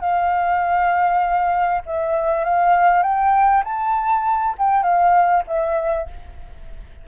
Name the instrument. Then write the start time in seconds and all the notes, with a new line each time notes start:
flute
0.00 F5
1.85 E5
2.44 F5
3.02 G5
3.64 A5
4.58 G5
4.83 F5
5.47 E5